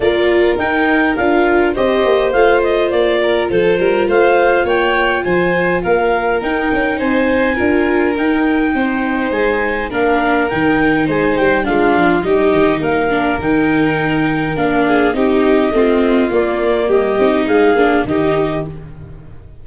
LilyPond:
<<
  \new Staff \with { instrumentName = "clarinet" } { \time 4/4 \tempo 4 = 103 d''4 g''4 f''4 dis''4 | f''8 dis''8 d''4 c''4 f''4 | g''4 gis''4 f''4 g''4 | gis''2 g''2 |
gis''4 f''4 g''4 gis''8 g''8 | f''4 dis''4 f''4 g''4~ | g''4 f''4 dis''2 | d''4 dis''4 f''4 dis''4 | }
  \new Staff \with { instrumentName = "violin" } { \time 4/4 ais'2. c''4~ | c''4. ais'8 a'8 ais'8 c''4 | cis''4 c''4 ais'2 | c''4 ais'2 c''4~ |
c''4 ais'2 c''4 | f'4 g'4 ais'2~ | ais'4. gis'8 g'4 f'4~ | f'4 g'4 gis'4 g'4 | }
  \new Staff \with { instrumentName = "viola" } { \time 4/4 f'4 dis'4 f'4 g'4 | f'1~ | f'2. dis'4~ | dis'4 f'4 dis'2~ |
dis'4 d'4 dis'2 | d'4 dis'4. d'8 dis'4~ | dis'4 d'4 dis'4 c'4 | ais4. dis'4 d'8 dis'4 | }
  \new Staff \with { instrumentName = "tuba" } { \time 4/4 ais4 dis'4 d'4 c'8 ais8 | a4 ais4 f8 g8 a4 | ais4 f4 ais4 dis'8 cis'8 | c'4 d'4 dis'4 c'4 |
gis4 ais4 dis4 gis8 g8 | gis8 f8 g8 dis8 ais4 dis4~ | dis4 ais4 c'4 a4 | ais4 g8 c'8 gis8 ais8 dis4 | }
>>